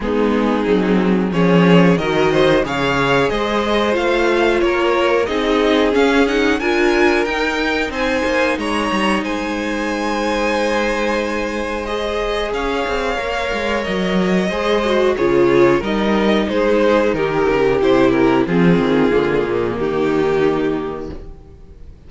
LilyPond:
<<
  \new Staff \with { instrumentName = "violin" } { \time 4/4 \tempo 4 = 91 gis'2 cis''4 dis''4 | f''4 dis''4 f''4 cis''4 | dis''4 f''8 fis''8 gis''4 g''4 | gis''4 ais''4 gis''2~ |
gis''2 dis''4 f''4~ | f''4 dis''2 cis''4 | dis''4 c''4 ais'4 c''8 ais'8 | gis'2 g'2 | }
  \new Staff \with { instrumentName = "violin" } { \time 4/4 dis'2 gis'4 ais'8 c''8 | cis''4 c''2 ais'4 | gis'2 ais'2 | c''4 cis''4 c''2~ |
c''2. cis''4~ | cis''2 c''4 gis'4 | ais'4 gis'4 g'2 | f'2 dis'2 | }
  \new Staff \with { instrumentName = "viola" } { \time 4/4 b4 c'4 cis'4 fis'4 | gis'2 f'2 | dis'4 cis'8 dis'8 f'4 dis'4~ | dis'1~ |
dis'2 gis'2 | ais'2 gis'8 fis'8 f'4 | dis'2. e'4 | c'4 ais2. | }
  \new Staff \with { instrumentName = "cello" } { \time 4/4 gis4 fis4 f4 dis4 | cis4 gis4 a4 ais4 | c'4 cis'4 d'4 dis'4 | c'8 ais8 gis8 g8 gis2~ |
gis2. cis'8 c'8 | ais8 gis8 fis4 gis4 cis4 | g4 gis4 dis8 cis8 c4 | f8 dis8 d8 ais,8 dis2 | }
>>